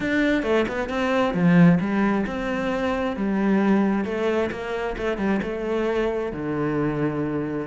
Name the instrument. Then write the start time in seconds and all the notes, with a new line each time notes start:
cello
0.00 D4
0.43 A3
0.68 B3
0.89 C4
1.33 F3
1.80 G3
2.26 C4
3.16 G3
4.04 A3
4.51 A#3
4.97 A3
5.17 G3
5.42 A3
6.32 D3